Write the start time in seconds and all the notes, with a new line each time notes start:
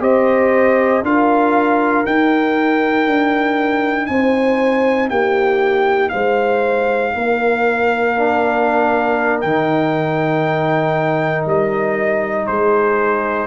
0.00 C4 G4 C5 D#5
1.03 D4 F4 A#4 F5
2.05 D#4 G5
3.07 D4
4.07 C4 C5 G#5
5.10 A#3 G4 G5
6.09 G#3 C5 F5
7.15 A#3 A#4
8.17 D4
9.41 D#3 D#4 G5
11.46 G3 D#5
12.47 G#3 G#4 C5